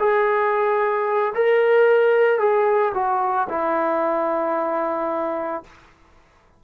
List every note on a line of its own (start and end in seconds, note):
0.00 1.34 G#4
1.35 2.40 A#4
2.40 2.93 G#4
2.95 3.48 F#4
3.50 5.64 E4